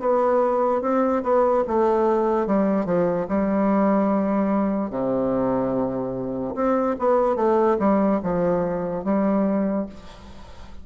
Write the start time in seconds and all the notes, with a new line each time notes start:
0.00 B3
0.82 C4
1.23 B3
1.68 A3
2.47 G3
2.86 F3
3.29 G3
4.91 C3
6.55 C4
6.99 B3
7.36 A3
7.79 G3
8.23 F3
9.04 G3